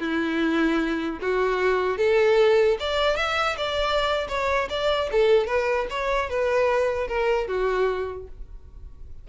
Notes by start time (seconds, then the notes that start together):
0.00 E4
1.22 F#4
1.98 A4
2.80 D5
3.17 E5
3.58 D5
4.29 C#5
4.70 D5
5.12 A4
5.47 B4
5.90 C#5
6.30 B4
7.08 A#4
7.48 F#4